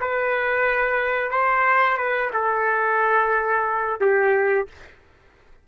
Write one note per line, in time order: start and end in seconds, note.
0.00 1.31 B4
1.31 1.97 C5
1.97 2.30 B4
2.33 4.00 A4
4.00 4.67 G4